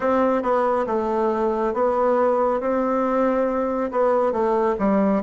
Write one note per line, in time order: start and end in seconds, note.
0.00 0.42 C4
0.42 0.85 B3
0.87 1.73 A3
1.73 2.60 B3
2.60 3.91 C4
3.91 4.32 B3
4.32 4.75 A3
4.78 5.22 G3